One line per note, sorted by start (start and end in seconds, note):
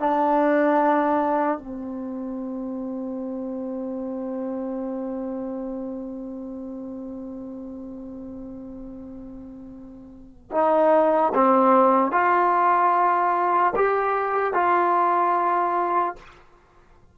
0.00 1.59 D4
1.59 10.51 C4
10.52 11.33 D#4
11.35 12.12 C4
12.12 13.74 F4
13.76 14.54 G4
14.54 16.16 F4